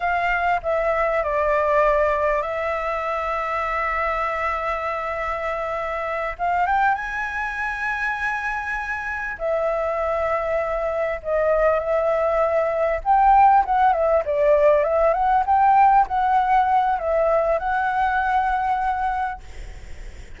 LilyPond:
\new Staff \with { instrumentName = "flute" } { \time 4/4 \tempo 4 = 99 f''4 e''4 d''2 | e''1~ | e''2~ e''8 f''8 g''8 gis''8~ | gis''2.~ gis''8 e''8~ |
e''2~ e''8 dis''4 e''8~ | e''4. g''4 fis''8 e''8 d''8~ | d''8 e''8 fis''8 g''4 fis''4. | e''4 fis''2. | }